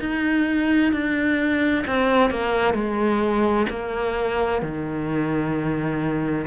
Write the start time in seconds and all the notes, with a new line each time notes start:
0.00 D#4
0.93 D4
1.87 C4
2.31 A#3
2.74 G#3
3.70 A#3
4.62 D#3